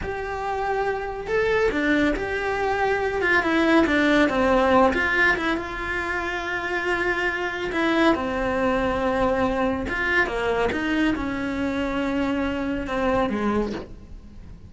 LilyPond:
\new Staff \with { instrumentName = "cello" } { \time 4/4 \tempo 4 = 140 g'2. a'4 | d'4 g'2~ g'8 f'8 | e'4 d'4 c'4. f'8~ | f'8 e'8 f'2.~ |
f'2 e'4 c'4~ | c'2. f'4 | ais4 dis'4 cis'2~ | cis'2 c'4 gis4 | }